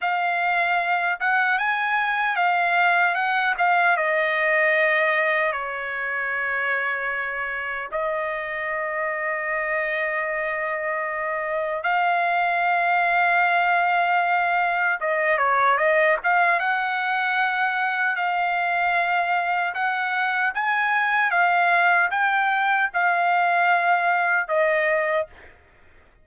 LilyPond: \new Staff \with { instrumentName = "trumpet" } { \time 4/4 \tempo 4 = 76 f''4. fis''8 gis''4 f''4 | fis''8 f''8 dis''2 cis''4~ | cis''2 dis''2~ | dis''2. f''4~ |
f''2. dis''8 cis''8 | dis''8 f''8 fis''2 f''4~ | f''4 fis''4 gis''4 f''4 | g''4 f''2 dis''4 | }